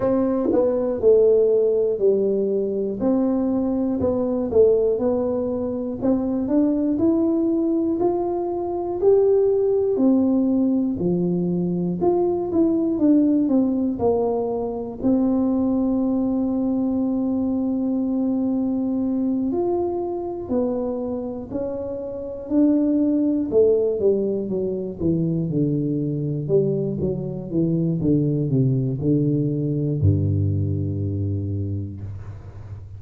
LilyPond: \new Staff \with { instrumentName = "tuba" } { \time 4/4 \tempo 4 = 60 c'8 b8 a4 g4 c'4 | b8 a8 b4 c'8 d'8 e'4 | f'4 g'4 c'4 f4 | f'8 e'8 d'8 c'8 ais4 c'4~ |
c'2.~ c'8 f'8~ | f'8 b4 cis'4 d'4 a8 | g8 fis8 e8 d4 g8 fis8 e8 | d8 c8 d4 g,2 | }